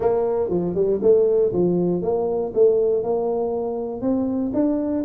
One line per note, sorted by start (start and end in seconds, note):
0.00 0.49 A#3
0.49 0.74 F3
0.74 1.00 G3
1.02 1.52 A3
1.52 2.02 F3
2.02 2.52 A#3
2.54 3.03 A3
3.03 4.01 A#3
4.01 4.51 C4
4.53 5.04 D4